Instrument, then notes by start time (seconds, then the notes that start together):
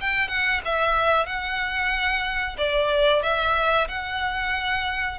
violin
0.00 G5
0.28 F#5
0.64 E5
1.26 F#5
2.57 D5
3.22 E5
3.88 F#5